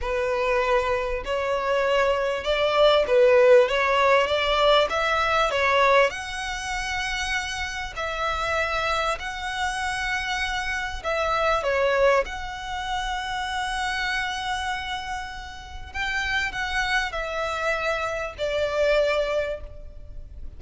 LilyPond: \new Staff \with { instrumentName = "violin" } { \time 4/4 \tempo 4 = 98 b'2 cis''2 | d''4 b'4 cis''4 d''4 | e''4 cis''4 fis''2~ | fis''4 e''2 fis''4~ |
fis''2 e''4 cis''4 | fis''1~ | fis''2 g''4 fis''4 | e''2 d''2 | }